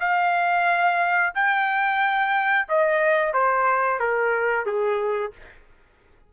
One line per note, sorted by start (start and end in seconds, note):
0.00 1.33 F5
1.35 2.68 G5
2.68 3.34 D#5
3.34 3.99 C5
3.99 4.66 A#4
4.66 5.32 G#4